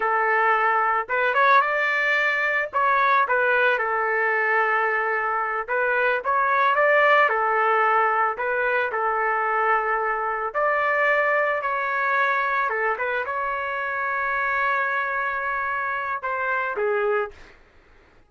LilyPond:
\new Staff \with { instrumentName = "trumpet" } { \time 4/4 \tempo 4 = 111 a'2 b'8 cis''8 d''4~ | d''4 cis''4 b'4 a'4~ | a'2~ a'8 b'4 cis''8~ | cis''8 d''4 a'2 b'8~ |
b'8 a'2. d''8~ | d''4. cis''2 a'8 | b'8 cis''2.~ cis''8~ | cis''2 c''4 gis'4 | }